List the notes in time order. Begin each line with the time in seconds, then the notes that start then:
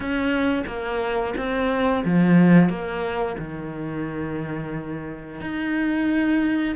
0.00 C#4
0.66 A#3
1.36 C4
2.04 F3
2.69 A#3
3.38 D#3
5.41 D#4